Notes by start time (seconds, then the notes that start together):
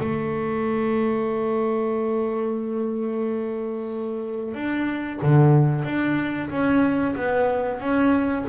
0.00 A3
4.54 D4
5.22 D3
5.85 D4
6.50 C#4
7.16 B3
7.80 C#4